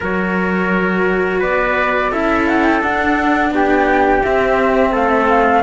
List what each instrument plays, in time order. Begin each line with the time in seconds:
0.00 cello F#3 F#4, trumpet A#4, flute C#5
1.39 cello B3, trumpet B4, flute D5
2.11 cello C#4 E4, trumpet A4, flute E5
2.47 flute F#5
2.63 flute G5
2.81 cello D4, flute F#5
3.50 cello B3, trumpet G4, flute G5
4.23 cello C4, flute E5
4.91 cello A3, trumpet A4, flute F5
5.09 flute E5
5.29 flute F5